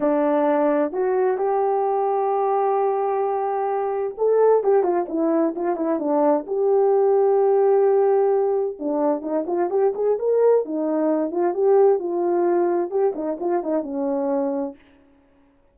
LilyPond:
\new Staff \with { instrumentName = "horn" } { \time 4/4 \tempo 4 = 130 d'2 fis'4 g'4~ | g'1~ | g'4 a'4 g'8 f'8 e'4 | f'8 e'8 d'4 g'2~ |
g'2. d'4 | dis'8 f'8 g'8 gis'8 ais'4 dis'4~ | dis'8 f'8 g'4 f'2 | g'8 dis'8 f'8 dis'8 cis'2 | }